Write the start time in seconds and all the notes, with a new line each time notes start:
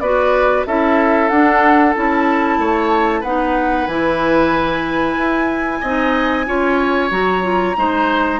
0.00 B3 F#4 B4 D5
0.67 C#4 E4 A4 E5
1.29 D4 F#5
1.95 C#4 E4 A5
2.58 A3 C#5
3.21 B3 D#4 B4 F#5
3.87 E3 E4 G#5
5.17 E4
5.81 C4 D#4 D#5
6.46 C#4 F4 C#5
7.11 F#3 F#4 A#5
7.42 F4
7.77 G#3 D#4 C5